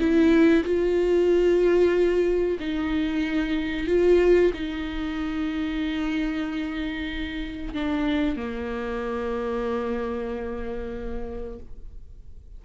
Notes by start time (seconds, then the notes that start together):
0.00 E4
0.65 F4
2.60 D#4
3.88 F4
4.54 D#4
7.74 D4
8.37 A#3